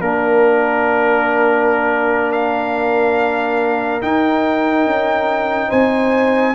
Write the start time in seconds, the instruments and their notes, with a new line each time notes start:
0.00 tuba A#3, trombone D4, horn A#4, trumpet A#4
2.32 trumpet F5
4.01 trombone D#4, tuba D#4, trumpet G5
4.86 tuba C#4
5.68 tuba C4, horn C5, trumpet G#5